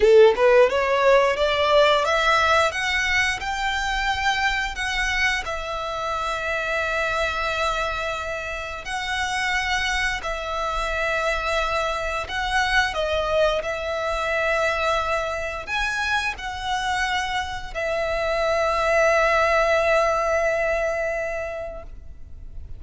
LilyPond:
\new Staff \with { instrumentName = "violin" } { \time 4/4 \tempo 4 = 88 a'8 b'8 cis''4 d''4 e''4 | fis''4 g''2 fis''4 | e''1~ | e''4 fis''2 e''4~ |
e''2 fis''4 dis''4 | e''2. gis''4 | fis''2 e''2~ | e''1 | }